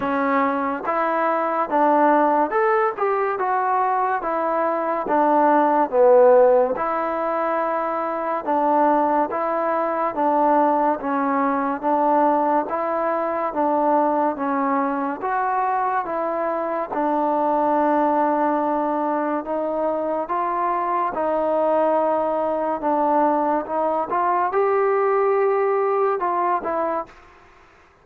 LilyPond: \new Staff \with { instrumentName = "trombone" } { \time 4/4 \tempo 4 = 71 cis'4 e'4 d'4 a'8 g'8 | fis'4 e'4 d'4 b4 | e'2 d'4 e'4 | d'4 cis'4 d'4 e'4 |
d'4 cis'4 fis'4 e'4 | d'2. dis'4 | f'4 dis'2 d'4 | dis'8 f'8 g'2 f'8 e'8 | }